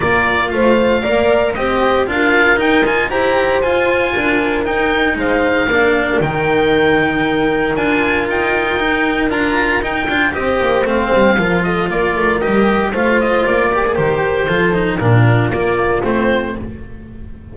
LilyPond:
<<
  \new Staff \with { instrumentName = "oboe" } { \time 4/4 \tempo 4 = 116 d''4 f''2 dis''4 | f''4 g''8 gis''8 ais''4 gis''4~ | gis''4 g''4 f''2 | g''2. gis''4 |
g''2 ais''4 g''4 | dis''4 f''4. dis''8 d''4 | dis''4 f''8 dis''8 d''4 c''4~ | c''4 ais'4 d''4 c''4 | }
  \new Staff \with { instrumentName = "horn" } { \time 4/4 ais'4 c''4 d''4 c''4 | ais'2 c''2 | ais'2 c''4 ais'4~ | ais'1~ |
ais'1 | c''2 ais'8 a'8 ais'4~ | ais'4 c''4. ais'4. | a'4 f'2. | }
  \new Staff \with { instrumentName = "cello" } { \time 4/4 f'2 ais'4 g'4 | f'4 dis'8 f'8 g'4 f'4~ | f'4 dis'2 d'4 | dis'2. f'4~ |
f'4 dis'4 f'4 dis'8 f'8 | g'4 c'4 f'2 | g'4 f'4. g'16 gis'16 g'4 | f'8 dis'8 d'4 ais4 c'4 | }
  \new Staff \with { instrumentName = "double bass" } { \time 4/4 ais4 a4 ais4 c'4 | d'4 dis'4 e'4 f'4 | d'4 dis'4 gis4 ais4 | dis2. d'4 |
dis'2 d'4 dis'8 d'8 | c'8 ais8 a8 g8 f4 ais8 a8 | g4 a4 ais4 dis4 | f4 ais,4 ais4 a4 | }
>>